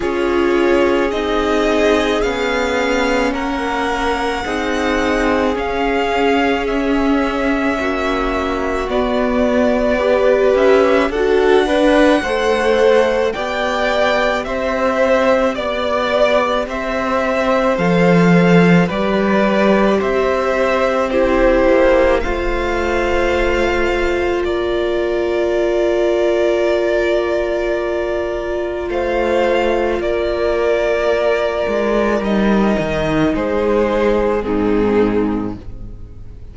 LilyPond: <<
  \new Staff \with { instrumentName = "violin" } { \time 4/4 \tempo 4 = 54 cis''4 dis''4 f''4 fis''4~ | fis''4 f''4 e''2 | d''4. e''8 fis''2 | g''4 e''4 d''4 e''4 |
f''4 d''4 e''4 c''4 | f''2 d''2~ | d''2 f''4 d''4~ | d''4 dis''4 c''4 gis'4 | }
  \new Staff \with { instrumentName = "violin" } { \time 4/4 gis'2. ais'4 | gis'2. fis'4~ | fis'4 b'4 a'8 b'8 c''4 | d''4 c''4 d''4 c''4~ |
c''4 b'4 c''4 g'4 | c''2 ais'2~ | ais'2 c''4 ais'4~ | ais'2 gis'4 dis'4 | }
  \new Staff \with { instrumentName = "viola" } { \time 4/4 f'4 dis'4 cis'2 | dis'4 cis'2. | b4 g'4 fis'8 d'8 a'4 | g'1 |
a'4 g'2 e'4 | f'1~ | f'1~ | f'4 dis'2 c'4 | }
  \new Staff \with { instrumentName = "cello" } { \time 4/4 cis'4 c'4 b4 ais4 | c'4 cis'2 ais4 | b4. cis'8 d'4 a4 | b4 c'4 b4 c'4 |
f4 g4 c'4. ais8 | a2 ais2~ | ais2 a4 ais4~ | ais8 gis8 g8 dis8 gis4 gis,4 | }
>>